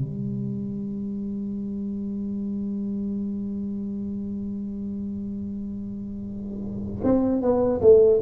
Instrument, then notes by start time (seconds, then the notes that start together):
tuba
0.00 G3
7.03 C4
7.42 B3
7.81 A3